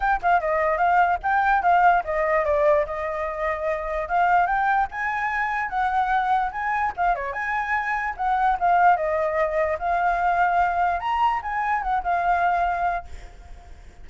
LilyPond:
\new Staff \with { instrumentName = "flute" } { \time 4/4 \tempo 4 = 147 g''8 f''8 dis''4 f''4 g''4 | f''4 dis''4 d''4 dis''4~ | dis''2 f''4 g''4 | gis''2 fis''2 |
gis''4 f''8 cis''8 gis''2 | fis''4 f''4 dis''2 | f''2. ais''4 | gis''4 fis''8 f''2~ f''8 | }